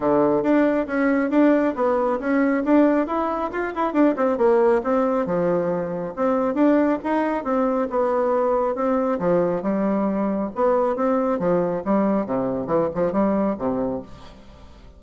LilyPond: \new Staff \with { instrumentName = "bassoon" } { \time 4/4 \tempo 4 = 137 d4 d'4 cis'4 d'4 | b4 cis'4 d'4 e'4 | f'8 e'8 d'8 c'8 ais4 c'4 | f2 c'4 d'4 |
dis'4 c'4 b2 | c'4 f4 g2 | b4 c'4 f4 g4 | c4 e8 f8 g4 c4 | }